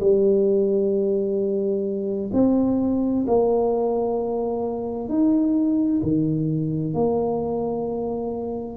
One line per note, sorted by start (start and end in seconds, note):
0.00 2.31 G3
2.33 3.26 C4
3.28 5.09 A#3
5.09 6.02 D#4
6.03 6.94 D#3
6.94 8.77 A#3